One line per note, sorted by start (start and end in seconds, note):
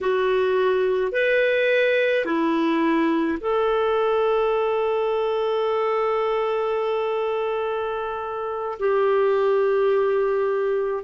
0.01 1.12 F#4
1.12 2.25 B4
2.25 3.38 E4
3.40 8.78 A4
8.79 11.03 G4